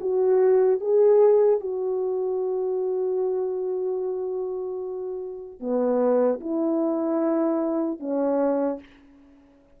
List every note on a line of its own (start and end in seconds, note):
0.00 0.80 F#4
0.80 1.60 G#4
1.60 5.60 F#4
5.60 6.40 B3
6.40 7.99 E4
7.99 8.79 C#4